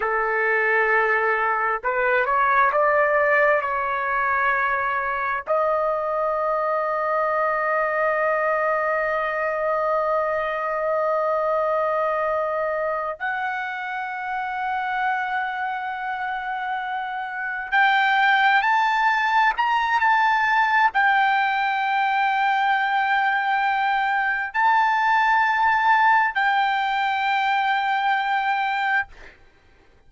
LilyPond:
\new Staff \with { instrumentName = "trumpet" } { \time 4/4 \tempo 4 = 66 a'2 b'8 cis''8 d''4 | cis''2 dis''2~ | dis''1~ | dis''2~ dis''8 fis''4.~ |
fis''2.~ fis''8 g''8~ | g''8 a''4 ais''8 a''4 g''4~ | g''2. a''4~ | a''4 g''2. | }